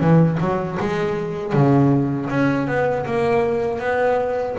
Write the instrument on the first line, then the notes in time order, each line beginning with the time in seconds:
double bass
0.00 E3
0.40 F#3
0.79 G#3
1.53 C#3
2.29 C#4
2.67 B3
3.06 A#3
3.79 B3